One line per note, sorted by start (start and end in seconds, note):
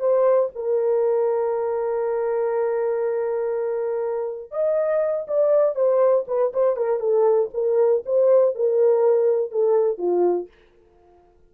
0.00 0.50 C5
0.55 4.51 A#4
4.51 5.26 D#5
5.27 5.75 D5
5.75 6.25 C5
6.27 6.52 B4
6.53 6.77 C5
6.77 7.00 A#4
7.00 7.50 A4
7.54 8.04 A#4
8.06 8.55 C5
8.55 9.51 A#4
9.51 9.98 A4
9.98 10.48 F4